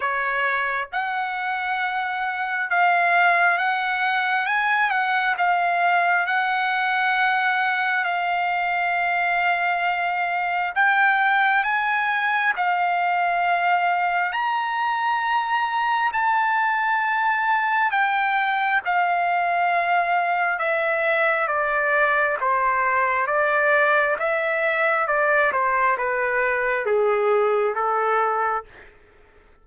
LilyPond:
\new Staff \with { instrumentName = "trumpet" } { \time 4/4 \tempo 4 = 67 cis''4 fis''2 f''4 | fis''4 gis''8 fis''8 f''4 fis''4~ | fis''4 f''2. | g''4 gis''4 f''2 |
ais''2 a''2 | g''4 f''2 e''4 | d''4 c''4 d''4 e''4 | d''8 c''8 b'4 gis'4 a'4 | }